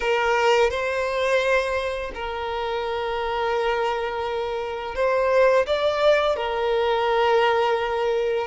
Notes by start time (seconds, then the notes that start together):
0.00 A#4
0.70 C5
2.14 A#4
4.95 C5
5.66 D5
6.36 A#4